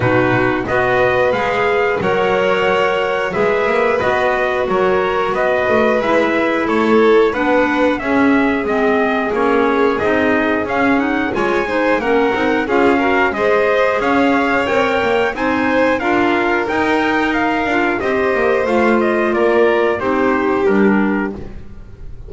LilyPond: <<
  \new Staff \with { instrumentName = "trumpet" } { \time 4/4 \tempo 4 = 90 b'4 dis''4 f''4 fis''4~ | fis''4 e''4 dis''4 cis''4 | dis''4 e''4 cis''4 fis''4 | e''4 dis''4 cis''4 dis''4 |
f''8 fis''8 gis''4 fis''4 f''4 | dis''4 f''4 g''4 gis''4 | f''4 g''4 f''4 dis''4 | f''8 dis''8 d''4 c''4 ais'4 | }
  \new Staff \with { instrumentName = "violin" } { \time 4/4 fis'4 b'2 cis''4~ | cis''4 b'2 ais'4 | b'2 a'4 b'4 | gis'1~ |
gis'4 cis''8 c''8 ais'4 gis'8 ais'8 | c''4 cis''2 c''4 | ais'2. c''4~ | c''4 ais'4 g'2 | }
  \new Staff \with { instrumentName = "clarinet" } { \time 4/4 dis'4 fis'4 gis'4 ais'4~ | ais'4 gis'4 fis'2~ | fis'4 e'2 d'4 | cis'4 c'4 cis'4 dis'4 |
cis'8 dis'8 f'8 dis'8 cis'8 dis'8 f'8 fis'8 | gis'2 ais'4 dis'4 | f'4 dis'4. f'8 g'4 | f'2 dis'4 d'4 | }
  \new Staff \with { instrumentName = "double bass" } { \time 4/4 b,4 b4 gis4 fis4~ | fis4 gis8 ais8 b4 fis4 | b8 a8 gis4 a4 b4 | cis'4 gis4 ais4 c'4 |
cis'4 gis4 ais8 c'8 cis'4 | gis4 cis'4 c'8 ais8 c'4 | d'4 dis'4. d'8 c'8 ais8 | a4 ais4 c'4 g4 | }
>>